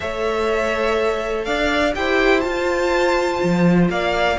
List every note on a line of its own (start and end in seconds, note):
0.00 1.46 A3
0.00 1.94 A4
0.00 1.45 C#5
0.00 1.44 E5
1.44 1.95 D4
1.44 1.94 D5
1.44 1.93 F5
1.94 2.44 E4
1.94 2.42 G4
1.94 3.91 C5
1.94 2.40 G5
2.40 4.37 F4
2.40 3.42 F4
2.40 3.86 A5
3.43 3.89 F3
3.89 4.37 A#3
3.89 4.38 D5
3.89 4.38 F5